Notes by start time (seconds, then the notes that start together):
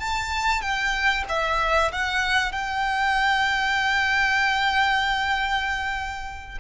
0.00 A5
0.62 G5
1.29 E5
1.92 F#5
2.52 G5